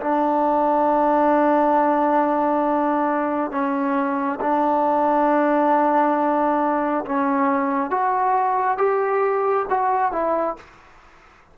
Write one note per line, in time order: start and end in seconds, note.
0.00 3.51 D4
3.51 4.39 C#4
4.40 7.05 D4
7.05 7.90 C#4
7.90 8.77 F#4
8.77 9.65 G4
9.69 10.12 F#4
10.12 10.56 E4